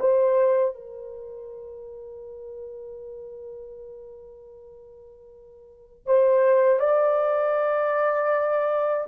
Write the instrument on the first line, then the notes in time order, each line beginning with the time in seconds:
horn
0.00 C5
0.75 A#4
6.07 C5
6.80 D5